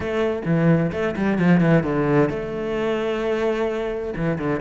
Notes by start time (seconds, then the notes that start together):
0.00 A3
0.45 E3
0.92 A3
1.16 G3
1.38 F3
1.60 E3
1.83 D3
2.29 A3
4.16 E3
4.38 D3